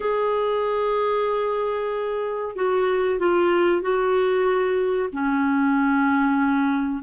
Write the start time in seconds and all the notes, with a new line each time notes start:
0.00 G#4
2.55 F#4
3.19 F4
3.81 F#4
5.12 C#4